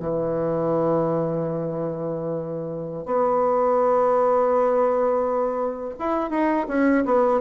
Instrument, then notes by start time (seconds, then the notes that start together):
bassoon
0.00 E3
3.06 B3
5.99 E4
6.30 D#4
6.68 C#4
7.06 B3